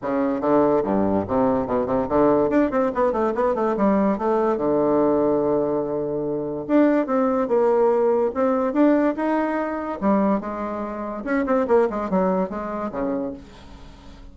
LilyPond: \new Staff \with { instrumentName = "bassoon" } { \time 4/4 \tempo 4 = 144 cis4 d4 g,4 c4 | b,8 c8 d4 d'8 c'8 b8 a8 | b8 a8 g4 a4 d4~ | d1 |
d'4 c'4 ais2 | c'4 d'4 dis'2 | g4 gis2 cis'8 c'8 | ais8 gis8 fis4 gis4 cis4 | }